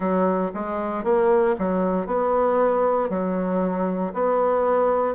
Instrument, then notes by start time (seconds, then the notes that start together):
bassoon
0.00 F#3
0.54 G#3
1.03 A#3
1.58 F#3
2.06 B3
3.09 F#3
4.13 B3